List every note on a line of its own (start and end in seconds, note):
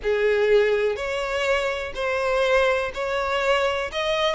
0.02 0.96 G#4
0.96 1.92 C#5
1.95 2.91 C5
2.94 3.90 C#5
3.92 4.34 D#5